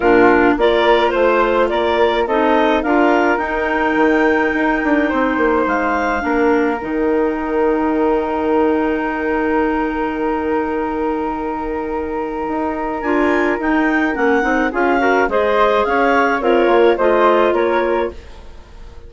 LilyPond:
<<
  \new Staff \with { instrumentName = "clarinet" } { \time 4/4 \tempo 4 = 106 ais'4 d''4 c''4 d''4 | dis''4 f''4 g''2~ | g''2 f''2 | g''1~ |
g''1~ | g''2. gis''4 | g''4 fis''4 f''4 dis''4 | f''4 cis''4 dis''4 cis''4 | }
  \new Staff \with { instrumentName = "flute" } { \time 4/4 f'4 ais'4 c''4 ais'4 | a'4 ais'2.~ | ais'4 c''2 ais'4~ | ais'1~ |
ais'1~ | ais'1~ | ais'2 gis'8 ais'8 c''4 | cis''4 f'4 c''4 ais'4 | }
  \new Staff \with { instrumentName = "clarinet" } { \time 4/4 d'4 f'2. | dis'4 f'4 dis'2~ | dis'2. d'4 | dis'1~ |
dis'1~ | dis'2. f'4 | dis'4 cis'8 dis'8 f'8 fis'8 gis'4~ | gis'4 ais'4 f'2 | }
  \new Staff \with { instrumentName = "bassoon" } { \time 4/4 ais,4 ais4 a4 ais4 | c'4 d'4 dis'4 dis4 | dis'8 d'8 c'8 ais8 gis4 ais4 | dis1~ |
dis1~ | dis2 dis'4 d'4 | dis'4 ais8 c'8 cis'4 gis4 | cis'4 c'8 ais8 a4 ais4 | }
>>